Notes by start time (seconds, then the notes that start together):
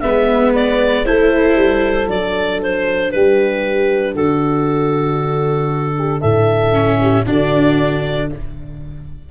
0.00 G#3 B3 B4 E5
0.55 D5
1.05 A3 E4 A4 C5
1.55 G3
2.06 F#3 D4 D5
2.62 C5
3.11 G3 G4 B4
4.14 D3 F#4 A4
5.98 G4
6.21 A2 A4 E5
6.72 C#4
7.01 G4
7.26 D3 D4 F#4 D5